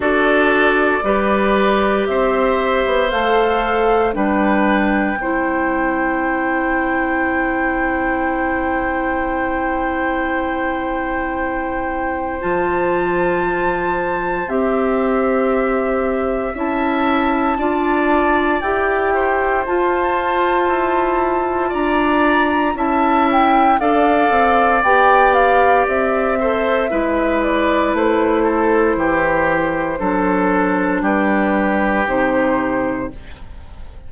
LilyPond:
<<
  \new Staff \with { instrumentName = "flute" } { \time 4/4 \tempo 4 = 58 d''2 e''4 f''4 | g''1~ | g''1 | a''2 e''2 |
a''2 g''4 a''4~ | a''4 ais''4 a''8 g''8 f''4 | g''8 f''8 e''4. d''8 c''4~ | c''2 b'4 c''4 | }
  \new Staff \with { instrumentName = "oboe" } { \time 4/4 a'4 b'4 c''2 | b'4 c''2.~ | c''1~ | c''1 |
e''4 d''4. c''4.~ | c''4 d''4 e''4 d''4~ | d''4. c''8 b'4. a'8 | g'4 a'4 g'2 | }
  \new Staff \with { instrumentName = "clarinet" } { \time 4/4 fis'4 g'2 a'4 | d'4 e'2.~ | e'1 | f'2 g'2 |
e'4 f'4 g'4 f'4~ | f'2 e'4 a'4 | g'4. a'8 e'2~ | e'4 d'2 dis'4 | }
  \new Staff \with { instrumentName = "bassoon" } { \time 4/4 d'4 g4 c'8. b16 a4 | g4 c'2.~ | c'1 | f2 c'2 |
cis'4 d'4 e'4 f'4 | e'4 d'4 cis'4 d'8 c'8 | b4 c'4 gis4 a4 | e4 fis4 g4 c4 | }
>>